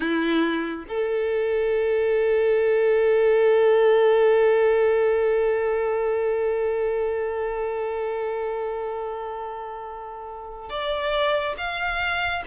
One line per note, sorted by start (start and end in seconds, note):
0.00 0.85 E4
0.88 10.69 A4
10.69 11.55 D5
11.57 12.43 F5